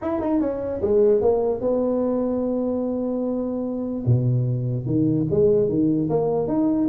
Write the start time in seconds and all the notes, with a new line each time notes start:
0.01 E4
0.20 D#4
0.40 C#4
0.81 G#3
1.21 A#3
1.60 B3
4.05 B2
4.85 D#3
5.30 G#3
5.68 D#3
6.09 A#3
6.47 D#4